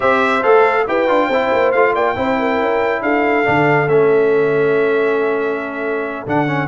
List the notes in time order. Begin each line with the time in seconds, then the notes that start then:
0.00 C4 G4 C5 E5
0.42 A3 A4 F5
0.87 E4 G4 B4 G5
1.08 D4 F4
1.27 C4 E4 C5
1.52 A#3
1.71 A3 F4 F5
1.93 A#3 D5 G5
2.16 C4 E4 C5
2.39 A#4
2.60 C#4
3.01 D4 A4 F5
3.44 D3 D4
3.87 A3 C#4 E5
6.26 D3 D4 F#5
6.46 C#4